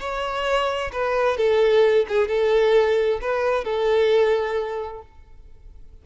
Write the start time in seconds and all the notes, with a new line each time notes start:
0.00 C#5
0.93 B4
1.38 A4
2.09 G#4
2.28 A4
3.21 B4
3.65 A4